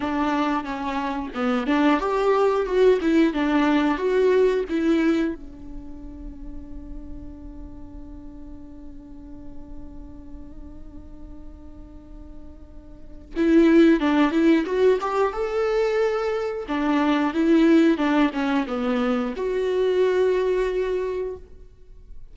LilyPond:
\new Staff \with { instrumentName = "viola" } { \time 4/4 \tempo 4 = 90 d'4 cis'4 b8 d'8 g'4 | fis'8 e'8 d'4 fis'4 e'4 | d'1~ | d'1~ |
d'1 | e'4 d'8 e'8 fis'8 g'8 a'4~ | a'4 d'4 e'4 d'8 cis'8 | b4 fis'2. | }